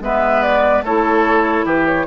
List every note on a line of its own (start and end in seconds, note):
0.00 0.82 G#3
0.00 0.84 B3
0.00 0.84 B4
0.00 0.42 E5
0.42 0.83 D5
0.82 1.63 A3
0.82 2.06 E4
0.82 1.65 A4
0.82 1.66 C#5
1.65 2.06 E3
1.65 2.06 G4
1.65 1.86 B4
1.86 2.06 C#5